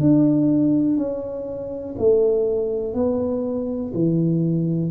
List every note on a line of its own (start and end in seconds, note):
0.00 0.97 D4
0.97 1.95 C#4
1.98 2.94 A3
2.94 3.92 B3
3.94 4.91 E3